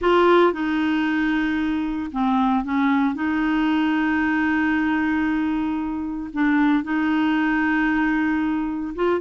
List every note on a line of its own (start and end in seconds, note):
0.01 0.52 F4
0.52 2.10 D#4
2.11 2.64 C4
2.64 3.14 C#4
3.14 6.30 D#4
6.33 6.83 D4
6.83 8.94 D#4
8.95 9.20 F4